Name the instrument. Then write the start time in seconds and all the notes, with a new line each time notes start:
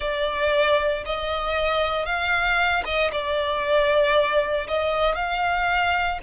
violin
0.00 D5
1.05 D#5
2.05 F5
2.84 D#5
3.12 D5
4.67 D#5
5.15 F5